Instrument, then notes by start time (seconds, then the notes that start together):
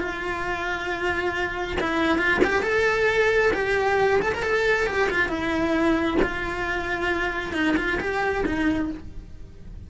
cello
0.00 F4
1.80 E4
2.19 F4
2.44 G4
2.63 A4
3.54 G4
4.22 A4
4.34 A#4
4.43 A4
4.87 G4
5.10 F4
5.29 E4
6.23 F4
7.53 D#4
7.77 F4
8.00 G4
8.46 D#4